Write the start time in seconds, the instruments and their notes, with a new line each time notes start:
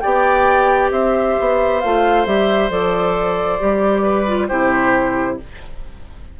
0.00 bassoon B3, clarinet G4, oboe D5, flute G5
0.91 bassoon C4, oboe C5, flute E5
1.40 bassoon B3
1.81 bassoon A3, clarinet F4, flute F5
2.26 bassoon G3, clarinet G4, flute E5
2.70 bassoon F3, clarinet A4, flute D5
3.60 bassoon G3, clarinet G4
4.02 oboe B4
4.27 clarinet F4
4.48 bassoon C3, clarinet E4, oboe G4, flute C5